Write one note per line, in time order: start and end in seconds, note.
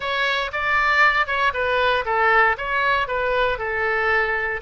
0.00 0.51 C#5
0.52 1.27 D5
1.27 1.52 C#5
1.53 2.05 B4
2.05 2.56 A4
2.57 3.07 C#5
3.07 3.58 B4
3.58 4.61 A4